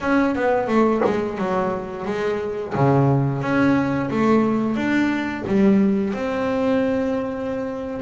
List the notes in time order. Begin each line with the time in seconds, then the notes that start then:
0.01 C#4
0.35 B3
0.67 A3
1.04 G#3
1.38 F#3
2.05 G#3
2.75 C#3
3.41 C#4
4.10 A3
4.75 D4
5.47 G3
6.13 C4